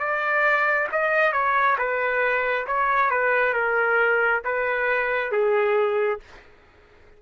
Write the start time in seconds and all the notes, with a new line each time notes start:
0.00 D5
0.93 D#5
1.33 C#5
1.79 B4
2.67 C#5
3.11 B4
3.54 A#4
4.45 B4
5.32 G#4